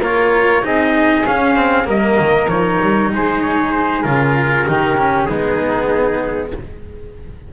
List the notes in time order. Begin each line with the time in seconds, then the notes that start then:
0.00 A#3 F4 A#4 C#5
0.62 C4 D#4 G#4 D#5
1.26 C#4 F5
1.56 C4
1.84 G3 A#3 A#4 D#5
2.20 D#3
2.48 F3 D#4 C#5
2.82 G3
3.13 G#3 G#4 C5
3.42 C#5
3.72 C5
4.03 C#3 F4 A#4
4.68 D#3 D#4 G4
4.97 C#4
5.25 G#3 B3 D#4 G#4